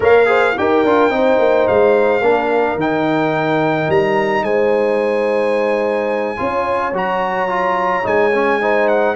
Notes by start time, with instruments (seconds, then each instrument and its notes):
0.00 tuba A#3, trombone A#4, horn C#5, trumpet F5
0.26 trombone G#4, horn C5
0.57 tuba D#4, trombone G4, horn A#4, trumpet G5
0.83 tuba D4, trombone F4
1.09 tuba C4, trombone D#4, horn C5
1.38 tuba A#3
1.67 tuba G#3, trumpet F5
2.21 tuba A#3, trombone D4, horn A#4
2.75 tuba D#3, trombone D#4, trumpet G5
3.88 tuba G3, trumpet A#5
4.42 tuba G#3, horn C5, trumpet G#5
6.36 tuba C#4, trombone F4, horn C#5
6.92 tuba F#3, trombone F#4, trumpet A#5
7.48 trombone F4
8.03 tuba G#3, trombone D#4, trumpet G#5
8.33 trombone C#4
8.61 trombone D#4, horn C5
8.88 trumpet F#5